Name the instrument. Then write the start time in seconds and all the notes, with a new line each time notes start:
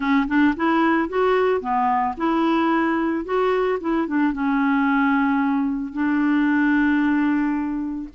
clarinet
0.00 C#4
0.27 D4
0.56 E4
1.09 F#4
1.60 B3
2.17 E4
3.24 F#4
3.80 E4
4.07 D4
4.32 C#4
5.92 D4